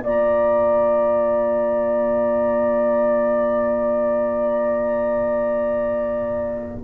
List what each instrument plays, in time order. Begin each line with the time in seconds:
0.00 tuba A#3, trombone F4, horn D5, trumpet A#5